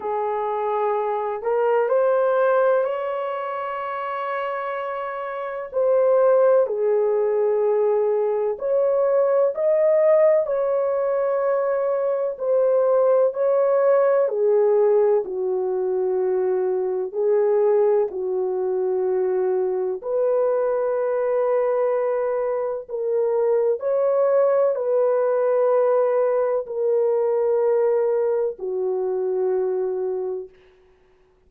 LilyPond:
\new Staff \with { instrumentName = "horn" } { \time 4/4 \tempo 4 = 63 gis'4. ais'8 c''4 cis''4~ | cis''2 c''4 gis'4~ | gis'4 cis''4 dis''4 cis''4~ | cis''4 c''4 cis''4 gis'4 |
fis'2 gis'4 fis'4~ | fis'4 b'2. | ais'4 cis''4 b'2 | ais'2 fis'2 | }